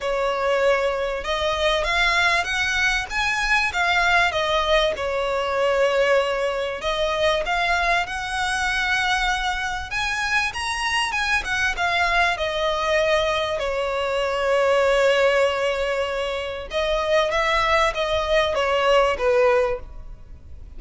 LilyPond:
\new Staff \with { instrumentName = "violin" } { \time 4/4 \tempo 4 = 97 cis''2 dis''4 f''4 | fis''4 gis''4 f''4 dis''4 | cis''2. dis''4 | f''4 fis''2. |
gis''4 ais''4 gis''8 fis''8 f''4 | dis''2 cis''2~ | cis''2. dis''4 | e''4 dis''4 cis''4 b'4 | }